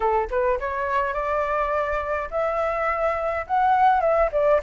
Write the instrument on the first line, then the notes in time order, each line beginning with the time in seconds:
flute
0.00 A4
0.30 B4
0.59 C#5
1.13 D5
2.31 E5
3.46 F#5
4.00 E5
4.32 D5